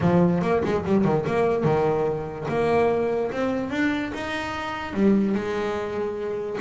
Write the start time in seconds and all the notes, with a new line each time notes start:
0.01 F3
0.41 A#3
0.64 G#3
0.85 G3
1.04 D#3
1.26 A#3
1.63 D#3
2.48 A#3
3.31 C4
3.70 D4
4.14 D#4
4.93 G3
5.34 G#3